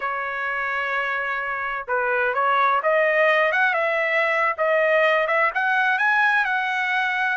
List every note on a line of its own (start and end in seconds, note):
0.00 1.86 C#5
1.87 2.34 B4
2.34 2.81 C#5
2.82 3.52 D#5
3.52 3.73 F#5
3.73 4.55 E5
4.57 5.27 D#5
5.27 5.50 E5
5.54 5.98 F#5
5.98 6.45 G#5
6.45 7.37 F#5